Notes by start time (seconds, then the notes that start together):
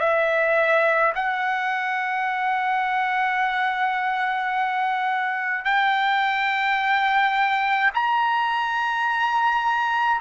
0.00 E5
1.15 F#5
5.65 G5
7.95 A#5